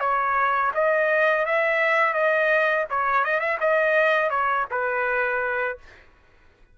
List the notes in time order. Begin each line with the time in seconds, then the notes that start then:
0.00 C#5
0.74 D#5
1.45 E5
2.14 D#5
2.90 C#5
3.24 D#5
3.40 E5
3.60 D#5
4.30 C#5
4.71 B4